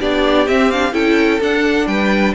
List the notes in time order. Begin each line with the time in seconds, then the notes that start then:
0.00 B3 D4 G4 D5
0.48 C4 E5
0.71 D4 F5
0.93 C#4 E4 A4 G5
1.41 D4 F#5
1.87 G3 B4 G5